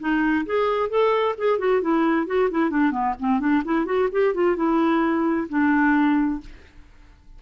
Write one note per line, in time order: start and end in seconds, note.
0.00 0.46 D#4
0.46 0.90 G#4
0.90 1.36 A4
1.38 1.59 G#4
1.59 1.82 F#4
1.82 2.27 E4
2.27 2.50 F#4
2.51 2.71 E4
2.71 2.92 D4
2.92 3.15 B3
3.20 3.40 C4
3.40 3.63 D4
3.65 3.86 E4
3.86 4.09 F#4
4.12 4.35 G4
4.35 4.56 F4
4.56 5.48 E4
5.49 6.41 D4